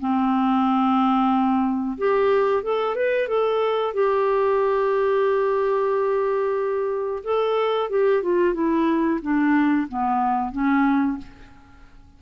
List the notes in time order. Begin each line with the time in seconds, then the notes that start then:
0.00 C4
1.98 G4
2.63 A4
2.95 B4
3.28 A4
3.94 G4
7.24 A4
7.90 G4
8.23 F4
8.54 E4
9.22 D4
9.88 B3
10.52 C#4